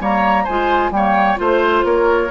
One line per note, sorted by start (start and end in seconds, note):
0.00 0.47 G3
0.00 0.46 A#3
0.00 0.44 C#5
0.00 0.46 A#5
0.44 0.91 G#3
0.44 0.94 F4
0.44 0.90 C5
0.44 0.92 G#5
0.91 1.37 G3
0.91 1.36 A#3
0.91 1.40 C#5
0.91 1.39 G5
1.36 1.84 A3
1.36 2.29 F4
1.36 1.86 C5
1.84 2.31 A#3
1.84 2.31 A#4
1.84 2.31 C#5